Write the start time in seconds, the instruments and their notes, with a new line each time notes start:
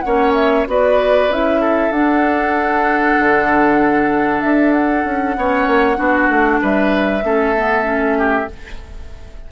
0.00 bassoon A#3, clarinet C#4, oboe C#5, flute F#5
0.33 flute E5
0.66 bassoon B3, clarinet F#4, oboe B4, flute D5
1.28 bassoon C#4, clarinet E4, flute E5
1.61 oboe A4
1.90 bassoon D4, clarinet D4, flute F#5
3.19 bassoon D3
4.41 bassoon D4, flute E5
4.72 flute F#5
5.04 bassoon C#4
5.36 bassoon B3, clarinet C#4, oboe C#5
5.66 bassoon A#3
5.96 bassoon B3, clarinet D4, oboe F#4
6.28 bassoon A3
6.61 bassoon G3, oboe B4, flute E5
7.23 bassoon A3, clarinet C#4, oboe A4
7.56 clarinet B3
7.83 clarinet C#4
8.18 oboe G4